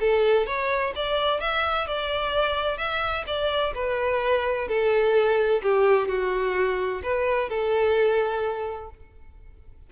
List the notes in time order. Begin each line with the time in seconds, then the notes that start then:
0.00 A4
0.46 C#5
0.95 D5
1.40 E5
1.87 D5
2.78 E5
3.27 D5
3.74 B4
4.68 A4
5.62 G4
6.08 F#4
7.03 B4
7.49 A4